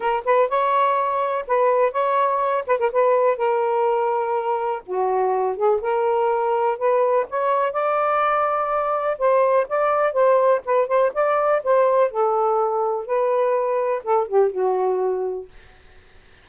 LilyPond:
\new Staff \with { instrumentName = "saxophone" } { \time 4/4 \tempo 4 = 124 ais'8 b'8 cis''2 b'4 | cis''4. b'16 ais'16 b'4 ais'4~ | ais'2 fis'4. gis'8 | ais'2 b'4 cis''4 |
d''2. c''4 | d''4 c''4 b'8 c''8 d''4 | c''4 a'2 b'4~ | b'4 a'8 g'8 fis'2 | }